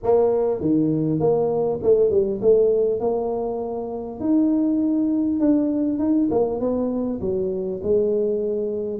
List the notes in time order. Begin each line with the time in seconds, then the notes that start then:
0.03 A#3
0.60 D#3
1.19 A#3
1.82 A3
2.10 G3
2.41 A3
3.00 A#3
4.20 D#4
5.40 D4
5.98 D#4
6.30 A#3
6.60 B3
7.21 F#3
7.82 G#3